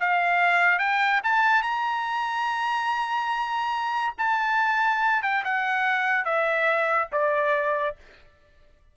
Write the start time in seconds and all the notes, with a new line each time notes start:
0.00 F5
0.79 G5
1.24 A5
1.63 A#5
4.18 A5
5.23 G5
5.45 F#5
6.25 E5
7.12 D5